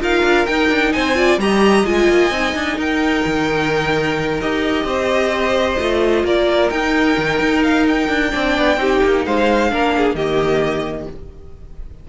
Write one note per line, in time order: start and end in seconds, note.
0.00 0.22 D#4
0.00 0.46 F4
0.00 0.93 A#4
0.00 0.46 F5
0.22 0.45 D4
0.46 0.69 D#4
0.46 1.15 D#4
0.46 0.92 G5
0.69 0.92 D4
0.92 1.37 C4
0.92 1.17 C5
0.92 1.38 G#5
1.15 1.38 F4
1.15 1.40 D5
1.37 1.84 G3
1.37 1.85 G4
1.37 2.77 D#5
1.37 1.85 A#5
1.84 2.07 G#3
1.84 2.32 F4
1.84 2.78 G#5
2.08 2.30 A#3
2.30 2.53 C4
2.30 4.40 D#4
2.55 2.77 D4
2.77 3.23 D#4
2.77 4.84 A#4
2.77 4.40 G5
3.25 4.41 D#3
4.40 4.84 D#4
4.40 5.80 G4
4.40 6.25 D#5
4.84 5.76 C4
4.84 6.25 C5
5.79 6.23 A3
5.79 6.71 F4
6.23 6.69 A#3
6.23 8.33 A#4
6.23 6.70 D5
6.70 7.16 D#4
6.70 8.30 D#4
6.70 7.62 G5
7.18 7.40 D#3
7.40 8.08 D#4
7.63 7.86 F5
7.88 9.25 G5
8.08 8.32 D4
8.30 8.57 C4
8.30 8.76 D4
8.30 8.79 D5
8.57 8.76 B3
8.76 9.00 C4
8.76 9.70 D#4
8.76 9.25 G4
9.03 9.26 A#3
9.25 9.72 G#3
9.25 9.71 C5
9.25 10.15 F5
9.70 10.14 A#3
9.70 10.16 D4
9.70 9.95 A#4
9.97 10.16 G#4
10.14 11.07 D#3
10.14 11.09 A#3
10.14 11.08 G4
10.14 11.07 D#5